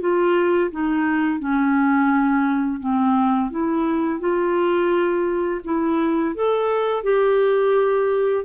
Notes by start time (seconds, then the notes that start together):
0.00 F4
0.71 D#4
1.39 C#4
2.80 C4
3.51 E4
4.20 F4
5.64 E4
6.35 A4
7.03 G4